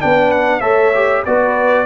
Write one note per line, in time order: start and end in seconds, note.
0.00 0.61 B3
0.00 0.61 D4
0.00 0.60 B4
0.00 0.31 G5
0.31 0.60 F#5
0.60 1.24 A3
0.60 0.92 A4
0.60 1.22 C#5
0.60 1.23 E5
0.94 1.25 G4
1.25 1.86 B3
1.25 1.86 F#4
1.25 1.86 B4
1.25 1.86 D5